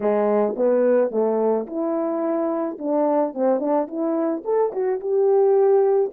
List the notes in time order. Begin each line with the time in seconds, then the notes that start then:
0.00 G#3
0.56 B3
1.10 A3
1.66 E4
2.78 D4
3.33 C4
3.59 D4
3.87 E4
4.44 A4
4.72 F#4
5.00 G4